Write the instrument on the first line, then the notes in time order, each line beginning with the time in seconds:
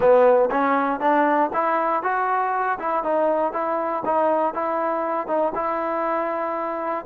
trombone
0.00 B3
0.50 C#4
0.99 D4
1.53 E4
2.02 F#4
2.79 E4
3.03 D#4
3.52 E4
4.05 D#4
4.54 E4
5.27 D#4
5.55 E4